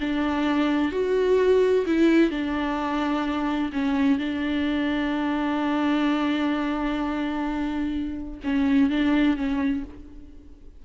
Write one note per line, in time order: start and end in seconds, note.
0.00 0.91 D4
0.91 1.85 F#4
1.86 2.30 E4
2.30 3.71 D4
3.73 4.18 C#4
4.18 8.40 D4
8.44 8.90 C#4
8.90 9.36 D4
9.36 9.83 C#4